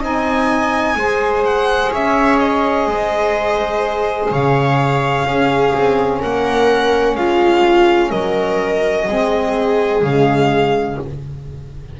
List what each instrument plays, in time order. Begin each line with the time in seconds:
0.00 double bass C4, saxophone D#4, viola D#5, violin G#5
0.95 double bass G#3, saxophone G#4, viola C5
1.44 violin F#5
1.92 double bass C#4, viola C#5, violin E5
2.39 violin D#5
2.87 double bass G#3, viola C5
4.31 double bass C#3, viola C#5, violin F5
5.24 double bass C#4, saxophone C#4, viola G#4
5.75 double bass C4
6.20 double bass A#3, viola A#4, violin F#5
7.15 double bass G#3, viola F4, violin F5
8.10 double bass F#3, viola A#4, violin D#5
9.08 double bass G#3, saxophone C4, viola G#4
10.02 double bass C#3, saxophone G#3, violin F5